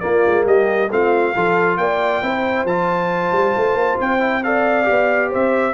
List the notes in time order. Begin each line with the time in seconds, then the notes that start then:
0.00 A#3 F4 D5
0.26 G#3
0.46 G3 G4 D#5
0.91 A3 C4 F4 F5
1.35 F3 F4 A4
1.78 A#3 D5 G5
2.22 C4 E4 C5
2.65 F3 F4 A5
3.32 G3
3.57 A3
3.75 A#3
4.00 C4 G5
4.20 E4
4.44 A4 D5 F5
4.84 B3 G4
5.30 C4 C5 E5